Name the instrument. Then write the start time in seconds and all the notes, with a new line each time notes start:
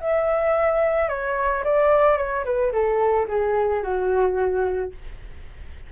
flute
0.00 E5
1.09 C#5
1.64 D5
2.17 C#5
2.44 B4
2.72 A4
3.28 G#4
3.83 F#4